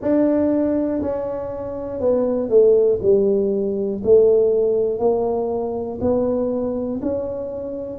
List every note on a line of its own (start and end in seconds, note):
0.01 1.01 D4
1.01 2.00 C#4
2.00 2.49 B3
2.49 2.99 A3
3.01 4.01 G3
4.03 4.99 A3
4.99 5.99 A#3
6.00 7.00 B3
7.01 7.98 C#4